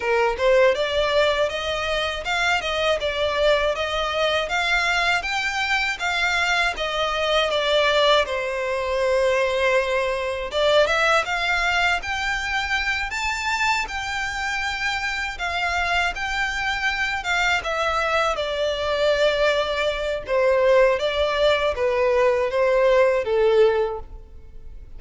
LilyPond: \new Staff \with { instrumentName = "violin" } { \time 4/4 \tempo 4 = 80 ais'8 c''8 d''4 dis''4 f''8 dis''8 | d''4 dis''4 f''4 g''4 | f''4 dis''4 d''4 c''4~ | c''2 d''8 e''8 f''4 |
g''4. a''4 g''4.~ | g''8 f''4 g''4. f''8 e''8~ | e''8 d''2~ d''8 c''4 | d''4 b'4 c''4 a'4 | }